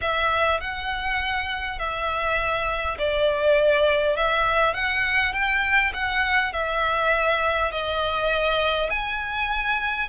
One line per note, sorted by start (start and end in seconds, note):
0.01 0.60 E5
0.60 1.78 F#5
1.78 2.97 E5
2.98 4.16 D5
4.16 4.74 E5
4.74 5.33 F#5
5.33 5.92 G5
5.93 6.53 F#5
6.53 7.71 E5
7.71 8.89 D#5
8.89 10.08 G#5